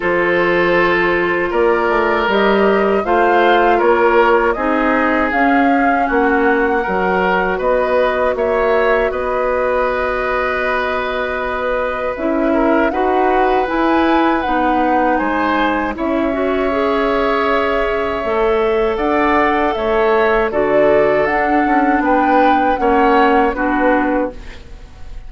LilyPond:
<<
  \new Staff \with { instrumentName = "flute" } { \time 4/4 \tempo 4 = 79 c''2 d''4 dis''4 | f''4 cis''4 dis''4 f''4 | fis''2 dis''4 e''4 | dis''1 |
e''4 fis''4 gis''4 fis''4 | gis''4 e''2.~ | e''4 fis''4 e''4 d''4 | fis''4 g''4 fis''4 b'4 | }
  \new Staff \with { instrumentName = "oboe" } { \time 4/4 a'2 ais'2 | c''4 ais'4 gis'2 | fis'4 ais'4 b'4 cis''4 | b'1~ |
b'8 ais'8 b'2. | c''4 cis''2.~ | cis''4 d''4 cis''4 a'4~ | a'4 b'4 cis''4 fis'4 | }
  \new Staff \with { instrumentName = "clarinet" } { \time 4/4 f'2. g'4 | f'2 dis'4 cis'4~ | cis'4 fis'2.~ | fis'1 |
e'4 fis'4 e'4 dis'4~ | dis'4 e'8 fis'8 gis'2 | a'2. fis'4 | d'2 cis'4 d'4 | }
  \new Staff \with { instrumentName = "bassoon" } { \time 4/4 f2 ais8 a8 g4 | a4 ais4 c'4 cis'4 | ais4 fis4 b4 ais4 | b1 |
cis'4 dis'4 e'4 b4 | gis4 cis'2. | a4 d'4 a4 d4 | d'8 cis'8 b4 ais4 b4 | }
>>